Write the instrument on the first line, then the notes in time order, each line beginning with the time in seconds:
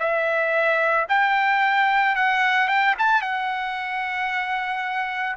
trumpet
0.00 E5
1.09 G5
2.16 F#5
2.68 G5
2.99 A5
3.22 F#5